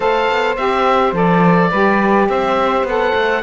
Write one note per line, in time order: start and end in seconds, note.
0.00 0.29 A3
0.00 0.56 A4
0.00 1.70 C5
0.00 0.55 F5
0.29 0.57 B3
0.56 1.12 C4
0.56 1.13 G4
0.56 1.13 E5
1.12 1.69 F3
1.12 1.70 A4
1.12 2.29 D5
1.70 2.28 G3
1.70 2.87 G4
1.70 2.27 B4
2.28 2.83 C4
2.28 3.43 C5
2.28 2.86 E5
2.83 3.12 B3
2.83 3.43 A4
2.83 3.43 F#5
3.15 3.43 A3